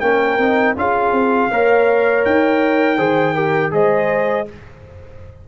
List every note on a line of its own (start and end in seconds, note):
0.00 0.38 A#3
0.00 0.39 C#4
0.00 0.76 A#4
0.00 0.74 G5
0.38 0.75 C4
0.38 0.76 D#4
0.76 1.12 C#4
0.76 1.50 F4
0.76 1.51 G#4
0.76 2.25 F5
1.12 1.49 C4
1.51 2.25 A#3
1.51 2.98 A#4
1.51 2.97 C#5
2.25 2.98 D#4
2.25 3.73 G5
2.97 3.72 D#3
2.97 3.35 G#4
2.97 3.34 C5
3.34 3.71 G4
3.34 3.71 A#4
3.71 4.46 G#3
3.71 4.45 G#4
3.71 4.48 C5
3.71 4.48 D#5